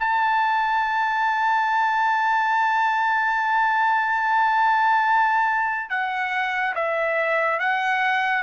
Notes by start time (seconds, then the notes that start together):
0.00 A5
5.90 F#5
6.75 E5
7.60 F#5